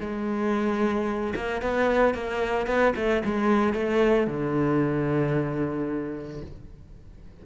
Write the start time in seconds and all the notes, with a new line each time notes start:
0.00 G#3
1.35 A#3
1.61 B3
2.14 A#3
2.66 B3
2.96 A3
3.24 G#3
3.73 A3
4.27 D3